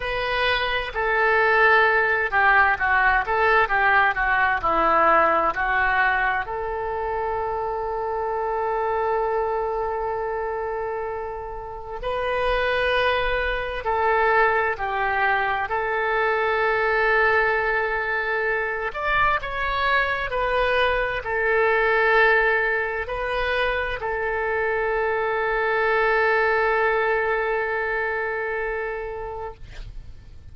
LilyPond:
\new Staff \with { instrumentName = "oboe" } { \time 4/4 \tempo 4 = 65 b'4 a'4. g'8 fis'8 a'8 | g'8 fis'8 e'4 fis'4 a'4~ | a'1~ | a'4 b'2 a'4 |
g'4 a'2.~ | a'8 d''8 cis''4 b'4 a'4~ | a'4 b'4 a'2~ | a'1 | }